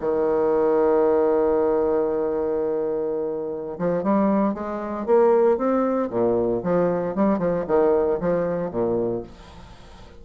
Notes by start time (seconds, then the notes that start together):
0.00 D#3
3.78 F3
4.03 G3
4.54 G#3
5.06 A#3
5.58 C4
6.10 A#2
6.63 F3
7.15 G3
7.39 F3
7.67 D#3
8.21 F3
8.71 A#2